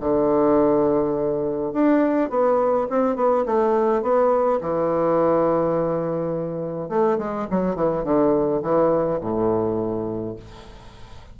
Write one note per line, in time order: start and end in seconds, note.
0.00 1.73 D3
1.73 2.29 D4
2.29 2.87 B3
2.90 3.16 C4
3.16 3.45 B3
3.46 4.02 A3
4.02 4.60 B3
4.61 6.89 E3
6.89 7.18 A3
7.18 7.47 G#3
7.50 7.75 F#3
7.75 8.03 E3
8.03 8.61 D3
8.62 9.20 E3
9.20 10.36 A2